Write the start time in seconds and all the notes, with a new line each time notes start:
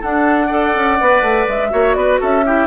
0.00 D4 A4 F#5
0.46 A4 D5
0.74 C#4
1.00 B3 B4
1.21 A3
1.47 G#3 E5
1.70 A#3 F#4 C#5
1.94 B3 B4 D5
2.20 C#4 A4 E5
2.45 E4 G4